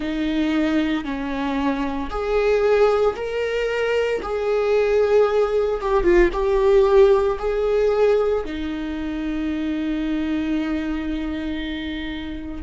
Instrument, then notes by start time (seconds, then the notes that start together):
viola
0.00 D#4
1.04 C#4
2.10 G#4
3.15 A#4
4.22 G#4
5.80 G4
6.03 F4
6.33 G4
7.39 G#4
8.44 D#4